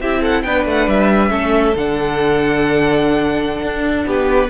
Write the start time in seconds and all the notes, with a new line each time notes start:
0.00 C4 E4 G4 E5
0.20 A4 F#5
0.42 B3 D4 B4 G5
0.65 A3 F#5
0.87 G3 E5
1.29 A3 C#4 A4
1.75 D3 D4 F#5
3.62 D4
4.06 B3 G4 B4